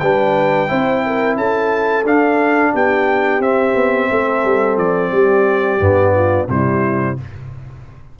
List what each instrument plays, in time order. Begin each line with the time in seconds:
0.00 tuba G3, trombone D4, horn B4, trumpet G5
0.68 tuba C4, trombone E4, horn C5
1.06 horn A#4
1.37 tuba C#4, horn A4, trumpet A5
2.05 tuba D4, trombone D4, trumpet F5
2.74 tuba B3, horn G4, trumpet G5
3.40 tuba C4, trombone C4, trumpet E5
3.75 tuba B3
4.11 tuba A3, horn A4
4.45 tuba G3
4.77 tuba F3, trumpet D5
5.12 tuba G3, horn G4
5.80 tuba G2, trombone B3
6.16 horn F4
6.48 tuba C3, trombone G3, horn E4, trumpet C5